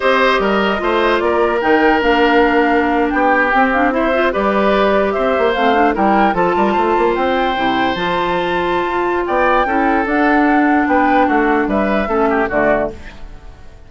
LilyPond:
<<
  \new Staff \with { instrumentName = "flute" } { \time 4/4 \tempo 4 = 149 dis''2. d''4 | g''4 f''2~ f''8. g''16~ | g''4~ g''16 f''8 e''4 d''4~ d''16~ | d''8. e''4 f''4 g''4 a''16~ |
a''4.~ a''16 g''2 a''16~ | a''2. g''4~ | g''4 fis''2 g''4 | fis''4 e''2 d''4 | }
  \new Staff \with { instrumentName = "oboe" } { \time 4/4 c''4 ais'4 c''4 ais'4~ | ais'2.~ ais'8. g'16~ | g'4.~ g'16 c''4 b'4~ b'16~ | b'8. c''2 ais'4 a'16~ |
a'16 ais'8 c''2.~ c''16~ | c''2. d''4 | a'2. b'4 | fis'4 b'4 a'8 g'8 fis'4 | }
  \new Staff \with { instrumentName = "clarinet" } { \time 4/4 g'2 f'2 | dis'4 d'2.~ | d'8. c'8 d'8 e'8 f'8 g'4~ g'16~ | g'4.~ g'16 c'8 d'8 e'4 f'16~ |
f'2~ f'8. e'4 f'16~ | f'1 | e'4 d'2.~ | d'2 cis'4 a4 | }
  \new Staff \with { instrumentName = "bassoon" } { \time 4/4 c'4 g4 a4 ais4 | dis4 ais2~ ais8. b16~ | b8. c'2 g4~ g16~ | g8. c'8 ais8 a4 g4 f16~ |
f16 g8 a8 ais8 c'4 c4 f16~ | f2 f'4 b4 | cis'4 d'2 b4 | a4 g4 a4 d4 | }
>>